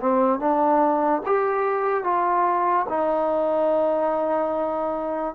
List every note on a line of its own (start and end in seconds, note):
0.00 0.40 C4
0.40 1.22 D4
1.26 2.04 G4
2.04 2.87 F4
2.89 5.35 D#4